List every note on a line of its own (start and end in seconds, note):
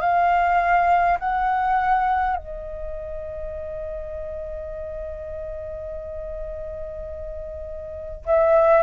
0.00 1.18 F5
1.19 2.36 F#5
2.36 8.25 D#5
8.25 8.82 E5